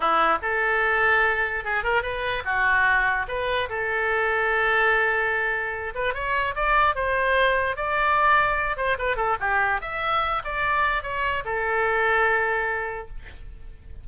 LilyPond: \new Staff \with { instrumentName = "oboe" } { \time 4/4 \tempo 4 = 147 e'4 a'2. | gis'8 ais'8 b'4 fis'2 | b'4 a'2.~ | a'2~ a'8 b'8 cis''4 |
d''4 c''2 d''4~ | d''4. c''8 b'8 a'8 g'4 | e''4. d''4. cis''4 | a'1 | }